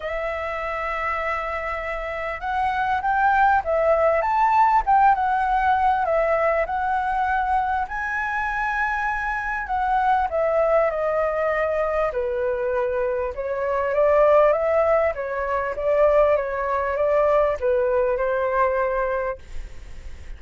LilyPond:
\new Staff \with { instrumentName = "flute" } { \time 4/4 \tempo 4 = 99 e''1 | fis''4 g''4 e''4 a''4 | g''8 fis''4. e''4 fis''4~ | fis''4 gis''2. |
fis''4 e''4 dis''2 | b'2 cis''4 d''4 | e''4 cis''4 d''4 cis''4 | d''4 b'4 c''2 | }